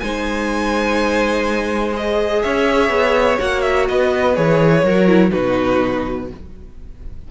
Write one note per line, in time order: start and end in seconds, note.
0.00 2.45 G#3
0.00 1.93 D#4
0.00 2.43 C5
0.00 1.94 G#5
1.93 3.38 G#4
1.93 2.42 D#5
2.42 2.90 C#4
2.42 3.88 C#5
2.42 3.39 E5
2.90 3.38 B3
3.38 3.90 A#3
3.38 4.35 F#4
3.38 3.62 F#5
3.62 3.86 E5
3.89 4.38 B3
3.89 4.85 B4
3.89 4.36 D#5
4.35 4.84 E3
4.35 4.84 G#4
4.35 5.32 C#5
4.84 5.32 F#3
4.84 5.08 F#4
4.84 5.32 A#4
5.08 5.31 E4
5.31 6.31 B2
5.31 6.28 D#4
5.31 6.28 F#4
5.31 6.29 B4